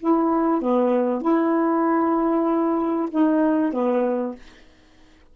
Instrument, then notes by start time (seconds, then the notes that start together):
saxophone
0.00 E4
0.62 B3
1.22 E4
3.11 D#4
3.73 B3